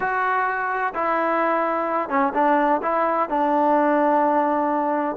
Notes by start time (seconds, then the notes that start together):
0.00 F#4
0.94 E4
2.09 C#4
2.34 D4
2.82 E4
3.29 D4